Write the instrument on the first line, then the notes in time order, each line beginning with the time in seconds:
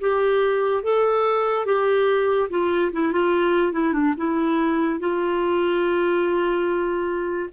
clarinet
0.00 G4
0.83 A4
1.65 G4
2.49 F4
2.92 E4
3.12 F4
3.72 E4
3.93 D4
4.17 E4
4.99 F4